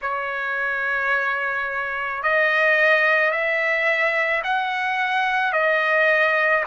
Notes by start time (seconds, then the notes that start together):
0.01 C#5
2.22 D#5
3.31 E5
4.43 F#5
5.53 D#5